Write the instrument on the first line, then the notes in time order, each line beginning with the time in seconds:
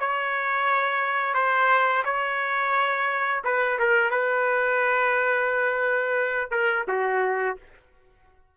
trumpet
0.00 C#5
1.34 C5
2.05 C#5
3.44 B4
3.79 A#4
4.11 B4
6.51 A#4
6.88 F#4